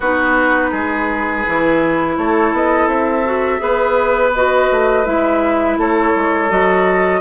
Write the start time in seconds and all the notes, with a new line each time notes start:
0.00 B3 D#4 F#4 B4
0.71 G#3 G#4
1.47 E3 E4
2.17 A3 A4 C#5
2.52 B3 D#5
2.87 C4 E5
3.25 F#4
3.58 B3 G#4 B4
4.34 F#4 D#5
4.71 A3
5.04 G#3 E4 E5
5.77 A3 A4 C#5
6.15 G#3
6.49 F#3 F#4 D#5